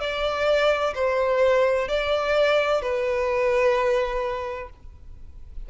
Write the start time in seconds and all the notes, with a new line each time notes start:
0.00 D5
0.95 C5
1.88 D5
2.82 B4